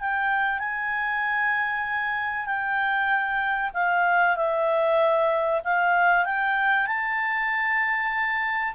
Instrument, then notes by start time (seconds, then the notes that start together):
clarinet
0.00 G5
0.59 G#5
2.46 G5
3.74 F5
4.36 E5
5.64 F5
6.25 G5
6.87 A5